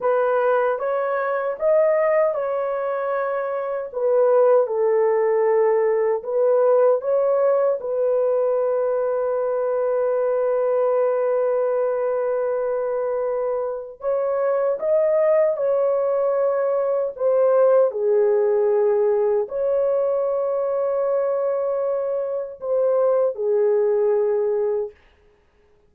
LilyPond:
\new Staff \with { instrumentName = "horn" } { \time 4/4 \tempo 4 = 77 b'4 cis''4 dis''4 cis''4~ | cis''4 b'4 a'2 | b'4 cis''4 b'2~ | b'1~ |
b'2 cis''4 dis''4 | cis''2 c''4 gis'4~ | gis'4 cis''2.~ | cis''4 c''4 gis'2 | }